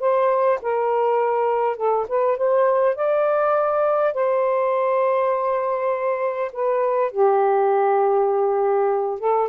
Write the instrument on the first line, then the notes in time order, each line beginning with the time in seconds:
saxophone
0.00 C5
0.62 A#4
1.77 A4
2.08 B4
2.38 C5
2.96 D5
4.14 C5
6.53 B4
7.12 G4
9.19 A4